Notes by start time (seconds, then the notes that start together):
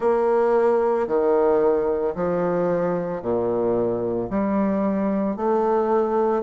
0.00 A#3
1.07 D#3
2.15 F3
3.21 A#2
4.30 G3
5.36 A3